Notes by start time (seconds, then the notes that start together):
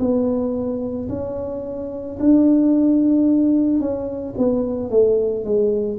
0.00 B3
1.09 C#4
2.20 D4
3.80 C#4
4.38 B3
4.90 A3
5.45 G#3